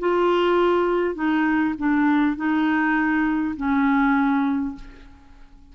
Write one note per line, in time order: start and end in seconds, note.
0.00 1.16 F4
1.16 1.75 D#4
1.78 2.37 D4
2.37 3.56 D#4
3.57 4.76 C#4